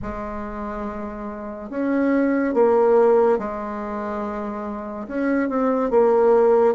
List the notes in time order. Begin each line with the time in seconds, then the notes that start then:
0.02 G#3
1.70 C#4
2.54 A#3
3.38 G#3
5.07 C#4
5.49 C4
5.90 A#3